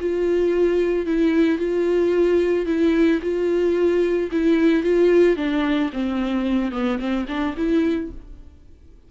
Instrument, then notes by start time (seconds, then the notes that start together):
viola
0.00 F4
1.06 E4
1.58 F4
2.66 E4
3.22 F4
4.32 E4
4.83 F4
5.36 D4
5.93 C4
6.71 B3
6.99 C4
7.28 D4
7.57 E4